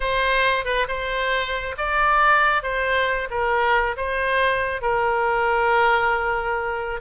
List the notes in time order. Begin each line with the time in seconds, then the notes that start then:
0.00 C5
0.64 B4
0.88 C5
1.77 D5
2.63 C5
3.30 A#4
3.96 C5
4.81 A#4